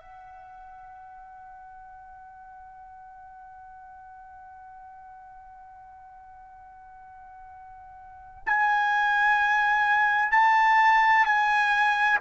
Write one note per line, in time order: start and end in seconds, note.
0.00 8.44 F#5
8.46 10.31 G#5
10.31 11.25 A5
11.25 12.19 G#5